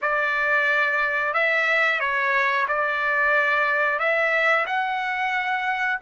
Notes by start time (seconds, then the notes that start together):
0.02 D5
1.33 E5
1.99 C#5
2.68 D5
3.98 E5
4.66 F#5